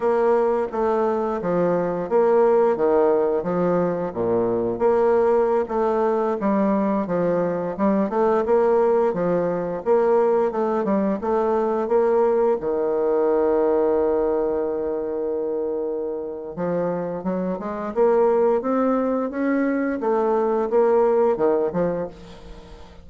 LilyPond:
\new Staff \with { instrumentName = "bassoon" } { \time 4/4 \tempo 4 = 87 ais4 a4 f4 ais4 | dis4 f4 ais,4 ais4~ | ais16 a4 g4 f4 g8 a16~ | a16 ais4 f4 ais4 a8 g16~ |
g16 a4 ais4 dis4.~ dis16~ | dis1 | f4 fis8 gis8 ais4 c'4 | cis'4 a4 ais4 dis8 f8 | }